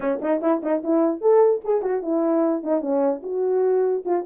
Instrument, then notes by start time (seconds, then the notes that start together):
horn
0.00 C#4
0.21 D#4
0.41 E4
0.62 D#4
0.83 E4
1.21 A4
1.64 G#4
1.82 F#4
2.02 E4
2.63 D#4
2.81 C#4
3.22 F#4
4.05 F4